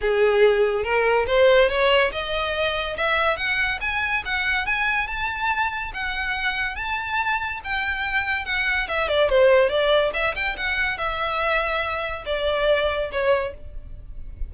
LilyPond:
\new Staff \with { instrumentName = "violin" } { \time 4/4 \tempo 4 = 142 gis'2 ais'4 c''4 | cis''4 dis''2 e''4 | fis''4 gis''4 fis''4 gis''4 | a''2 fis''2 |
a''2 g''2 | fis''4 e''8 d''8 c''4 d''4 | e''8 g''8 fis''4 e''2~ | e''4 d''2 cis''4 | }